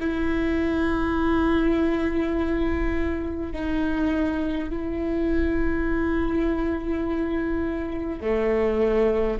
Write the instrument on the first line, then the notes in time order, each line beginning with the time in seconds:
viola
0.00 E4
3.52 D#4
4.70 E4
8.21 A3